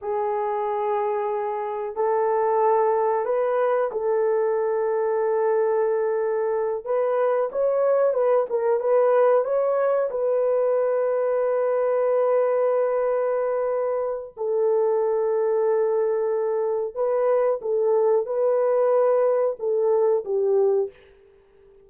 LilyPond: \new Staff \with { instrumentName = "horn" } { \time 4/4 \tempo 4 = 92 gis'2. a'4~ | a'4 b'4 a'2~ | a'2~ a'8 b'4 cis''8~ | cis''8 b'8 ais'8 b'4 cis''4 b'8~ |
b'1~ | b'2 a'2~ | a'2 b'4 a'4 | b'2 a'4 g'4 | }